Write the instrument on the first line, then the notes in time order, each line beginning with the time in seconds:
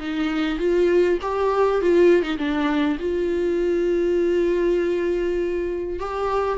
viola
0.00 D#4
0.59 F4
1.22 G4
1.82 F4
2.23 D#4
2.38 D4
3.00 F4
6.00 G4